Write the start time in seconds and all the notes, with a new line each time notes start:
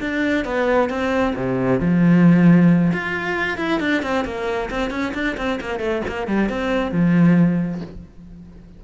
0.00 D4
0.45 B3
0.90 C4
1.36 C3
1.80 F3
2.93 F4
3.58 E4
3.80 D4
4.02 C4
4.25 A#3
4.70 C4
4.91 C#4
5.14 D4
5.37 C4
5.61 A#3
5.80 A3
6.08 A#3
6.27 G3
6.49 C4
6.91 F3